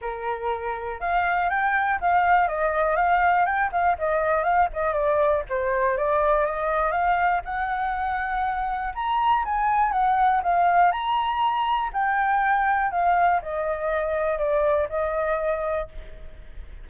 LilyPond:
\new Staff \with { instrumentName = "flute" } { \time 4/4 \tempo 4 = 121 ais'2 f''4 g''4 | f''4 dis''4 f''4 g''8 f''8 | dis''4 f''8 dis''8 d''4 c''4 | d''4 dis''4 f''4 fis''4~ |
fis''2 ais''4 gis''4 | fis''4 f''4 ais''2 | g''2 f''4 dis''4~ | dis''4 d''4 dis''2 | }